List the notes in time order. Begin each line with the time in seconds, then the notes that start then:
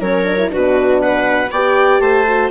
0.00 F#3 C#4 A#4 C#5
0.24 D4
0.38 E4
0.50 B2 D4 F#4 B4
1.01 B4 F#5
1.51 B3 G4 D5 G5
1.99 A3 C5 A5
2.27 F#4